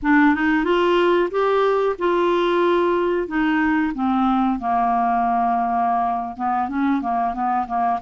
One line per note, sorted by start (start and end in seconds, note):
0.02 0.34 D4
0.34 0.64 D#4
0.64 1.29 F4
1.30 1.96 G4
1.98 3.27 F4
3.27 3.92 D#4
3.94 4.59 C4
4.59 6.36 A#3
6.36 6.68 B3
6.68 7.01 C#4
7.01 7.34 A#3
7.34 7.66 B3
7.67 7.99 A#3